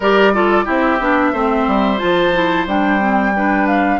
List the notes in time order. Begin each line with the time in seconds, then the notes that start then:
0.00 G3 G4 A#4 D5
0.33 F4 A4
0.64 C4 E4 G4 E5
1.00 B3 D4
1.32 A3 C4 C5
1.67 G3
1.98 F3 F4 A5
2.33 E4
2.66 G3 D4 G5
2.99 C4
3.35 D4 B4
3.67 F5